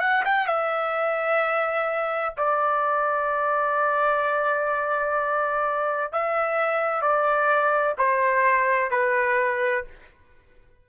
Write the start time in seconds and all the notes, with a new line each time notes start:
0.00 F#5
0.25 G5
0.47 E5
2.37 D5
6.12 E5
7.02 D5
7.98 C5
8.91 B4